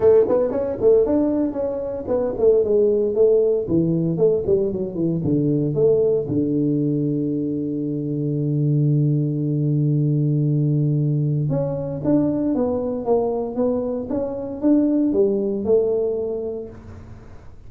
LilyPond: \new Staff \with { instrumentName = "tuba" } { \time 4/4 \tempo 4 = 115 a8 b8 cis'8 a8 d'4 cis'4 | b8 a8 gis4 a4 e4 | a8 g8 fis8 e8 d4 a4 | d1~ |
d1~ | d2 cis'4 d'4 | b4 ais4 b4 cis'4 | d'4 g4 a2 | }